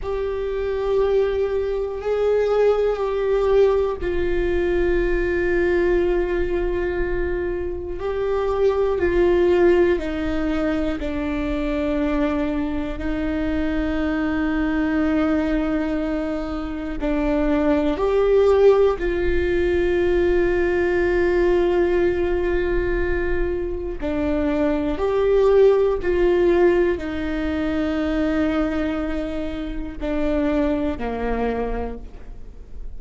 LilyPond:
\new Staff \with { instrumentName = "viola" } { \time 4/4 \tempo 4 = 60 g'2 gis'4 g'4 | f'1 | g'4 f'4 dis'4 d'4~ | d'4 dis'2.~ |
dis'4 d'4 g'4 f'4~ | f'1 | d'4 g'4 f'4 dis'4~ | dis'2 d'4 ais4 | }